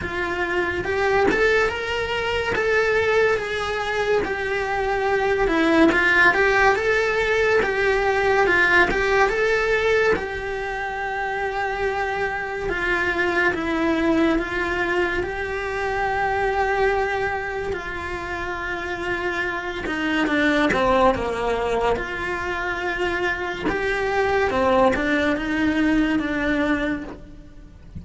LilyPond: \new Staff \with { instrumentName = "cello" } { \time 4/4 \tempo 4 = 71 f'4 g'8 a'8 ais'4 a'4 | gis'4 g'4. e'8 f'8 g'8 | a'4 g'4 f'8 g'8 a'4 | g'2. f'4 |
e'4 f'4 g'2~ | g'4 f'2~ f'8 dis'8 | d'8 c'8 ais4 f'2 | g'4 c'8 d'8 dis'4 d'4 | }